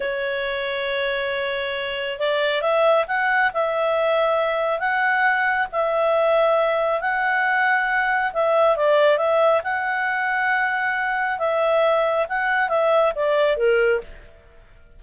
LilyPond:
\new Staff \with { instrumentName = "clarinet" } { \time 4/4 \tempo 4 = 137 cis''1~ | cis''4 d''4 e''4 fis''4 | e''2. fis''4~ | fis''4 e''2. |
fis''2. e''4 | d''4 e''4 fis''2~ | fis''2 e''2 | fis''4 e''4 d''4 ais'4 | }